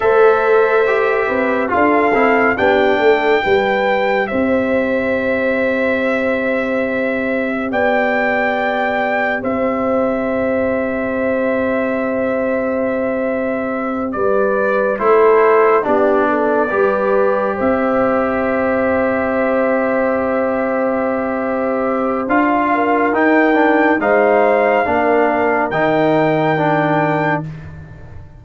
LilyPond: <<
  \new Staff \with { instrumentName = "trumpet" } { \time 4/4 \tempo 4 = 70 e''2 f''4 g''4~ | g''4 e''2.~ | e''4 g''2 e''4~ | e''1~ |
e''8 d''4 c''4 d''4.~ | d''8 e''2.~ e''8~ | e''2 f''4 g''4 | f''2 g''2 | }
  \new Staff \with { instrumentName = "horn" } { \time 4/4 c''4. b'8 a'4 g'8 a'8 | b'4 c''2.~ | c''4 d''2 c''4~ | c''1~ |
c''8 b'4 a'4 g'8 a'8 b'8~ | b'8 c''2.~ c''8~ | c''2~ c''8 ais'4. | c''4 ais'2. | }
  \new Staff \with { instrumentName = "trombone" } { \time 4/4 a'4 g'4 f'8 e'8 d'4 | g'1~ | g'1~ | g'1~ |
g'4. e'4 d'4 g'8~ | g'1~ | g'2 f'4 dis'8 d'8 | dis'4 d'4 dis'4 d'4 | }
  \new Staff \with { instrumentName = "tuba" } { \time 4/4 a4. c'8 d'8 c'8 b8 a8 | g4 c'2.~ | c'4 b2 c'4~ | c'1~ |
c'8 g4 a4 b4 g8~ | g8 c'2.~ c'8~ | c'2 d'4 dis'4 | gis4 ais4 dis2 | }
>>